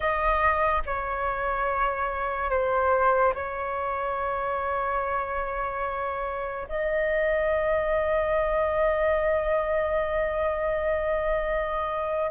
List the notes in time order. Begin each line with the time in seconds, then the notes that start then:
0.00 D#5
0.86 C#5
2.50 C5
3.34 C#5
6.69 D#5